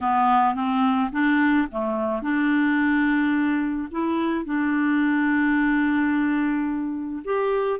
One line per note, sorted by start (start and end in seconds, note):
0.01 0.55 B3
0.55 1.10 C4
1.12 1.67 D4
1.71 2.22 A3
2.22 3.88 D4
3.91 4.45 E4
4.45 7.22 D4
7.24 7.79 G4